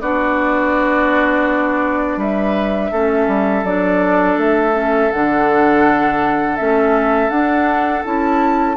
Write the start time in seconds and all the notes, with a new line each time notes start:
0.00 B3 D4 F#4 D5
2.17 G3 B4 E5
2.91 A3 C#4 A4
3.27 G3
3.63 F#3 D4 D5
4.37 A3 E5
4.73 C#4
5.11 D3 D4 F#5
6.56 A3 C#4 E5
7.29 D4 F#5
8.04 C#4 E4 A5